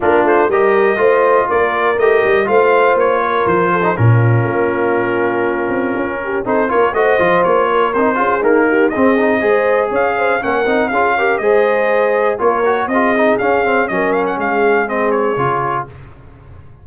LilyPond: <<
  \new Staff \with { instrumentName = "trumpet" } { \time 4/4 \tempo 4 = 121 ais'8 c''8 dis''2 d''4 | dis''4 f''4 cis''4 c''4 | ais'1~ | ais'4 c''8 cis''8 dis''4 cis''4 |
c''4 ais'4 dis''2 | f''4 fis''4 f''4 dis''4~ | dis''4 cis''4 dis''4 f''4 | dis''8 f''16 fis''16 f''4 dis''8 cis''4. | }
  \new Staff \with { instrumentName = "horn" } { \time 4/4 f'4 ais'4 c''4 ais'4~ | ais'4 c''4. ais'4 a'8 | f'1~ | f'8 g'8 a'8 ais'8 c''4. ais'8~ |
ais'8 gis'4 g'8 gis'4 c''4 | cis''8 c''8 ais'4 gis'8 ais'8 c''4~ | c''4 ais'4 gis'2 | ais'4 gis'2. | }
  \new Staff \with { instrumentName = "trombone" } { \time 4/4 d'4 g'4 f'2 | g'4 f'2~ f'8. dis'16 | cis'1~ | cis'4 dis'8 f'8 fis'8 f'4. |
dis'8 f'8 ais4 c'8 dis'8 gis'4~ | gis'4 cis'8 dis'8 f'8 g'8 gis'4~ | gis'4 f'8 fis'8 f'8 dis'8 cis'8 c'8 | cis'2 c'4 f'4 | }
  \new Staff \with { instrumentName = "tuba" } { \time 4/4 ais8 a8 g4 a4 ais4 | a8 g8 a4 ais4 f4 | ais,4 ais2~ ais8 c'8 | cis'4 c'8 ais8 a8 f8 ais4 |
c'8 cis'8 dis'4 c'4 gis4 | cis'4 ais8 c'8 cis'4 gis4~ | gis4 ais4 c'4 cis'4 | fis4 gis2 cis4 | }
>>